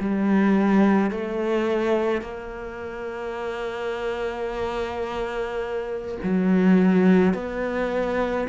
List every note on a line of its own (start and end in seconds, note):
0.00 1.11 G3
1.11 2.22 A3
2.22 6.18 A#3
6.24 7.34 F#3
7.34 8.47 B3